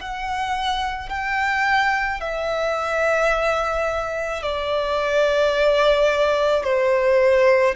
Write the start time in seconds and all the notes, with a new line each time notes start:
0.00 F#5
1.09 G5
2.20 E5
4.42 D5
6.63 C5